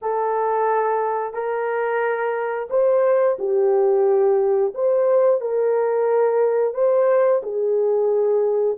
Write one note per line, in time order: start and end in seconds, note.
0.01 1.33 A4
1.33 2.68 A#4
2.70 3.37 C5
3.38 4.73 G4
4.74 5.40 C5
5.40 6.74 A#4
6.74 7.41 C5
7.42 8.77 G#4